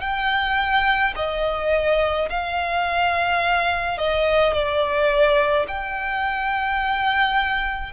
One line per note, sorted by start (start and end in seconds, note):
0.00 1.13 G5
1.15 2.28 D#5
2.29 3.97 F5
3.97 4.53 D#5
4.53 5.66 D5
5.68 7.92 G5